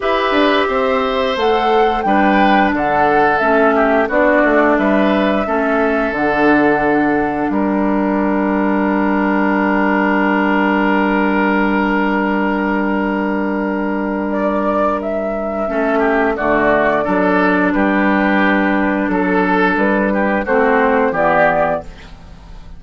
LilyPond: <<
  \new Staff \with { instrumentName = "flute" } { \time 4/4 \tempo 4 = 88 e''2 fis''4 g''4 | fis''4 e''4 d''4 e''4~ | e''4 fis''2 g''4~ | g''1~ |
g''1~ | g''4 d''4 e''2 | d''2 b'2 | a'4 b'4 c''4 d''4 | }
  \new Staff \with { instrumentName = "oboe" } { \time 4/4 b'4 c''2 b'4 | a'4. g'8 fis'4 b'4 | a'2. ais'4~ | ais'1~ |
ais'1~ | ais'2. a'8 g'8 | fis'4 a'4 g'2 | a'4. g'8 fis'4 g'4 | }
  \new Staff \with { instrumentName = "clarinet" } { \time 4/4 g'2 a'4 d'4~ | d'4 cis'4 d'2 | cis'4 d'2.~ | d'1~ |
d'1~ | d'2. cis'4 | a4 d'2.~ | d'2 c'4 b4 | }
  \new Staff \with { instrumentName = "bassoon" } { \time 4/4 e'8 d'8 c'4 a4 g4 | d4 a4 b8 a8 g4 | a4 d2 g4~ | g1~ |
g1~ | g2. a4 | d4 fis4 g2 | fis4 g4 a4 e4 | }
>>